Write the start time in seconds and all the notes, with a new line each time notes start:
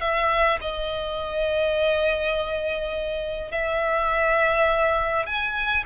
0.00 E5
0.61 D#5
3.51 E5
5.26 G#5